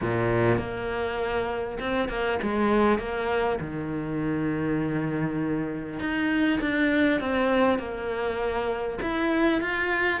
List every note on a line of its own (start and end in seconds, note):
0.01 0.58 A#2
0.58 1.78 A#3
1.79 2.08 C4
2.08 2.38 A#3
2.42 2.98 G#3
2.98 3.58 A#3
3.60 5.99 D#3
5.99 6.59 D#4
6.60 7.20 D4
7.20 7.78 C4
7.78 8.98 A#3
9.02 9.61 E4
9.61 10.20 F4